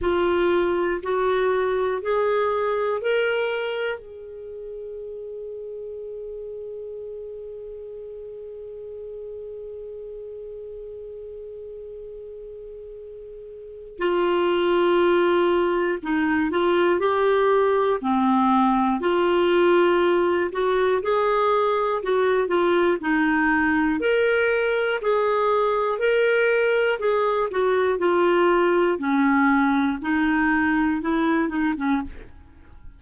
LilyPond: \new Staff \with { instrumentName = "clarinet" } { \time 4/4 \tempo 4 = 60 f'4 fis'4 gis'4 ais'4 | gis'1~ | gis'1~ | gis'2 f'2 |
dis'8 f'8 g'4 c'4 f'4~ | f'8 fis'8 gis'4 fis'8 f'8 dis'4 | ais'4 gis'4 ais'4 gis'8 fis'8 | f'4 cis'4 dis'4 e'8 dis'16 cis'16 | }